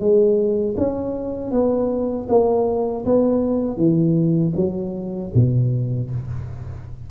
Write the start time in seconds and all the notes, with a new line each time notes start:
0.00 G#3
0.78 C#4
1.52 B3
2.29 A#3
3.06 B3
3.78 E3
4.57 F#3
5.35 B2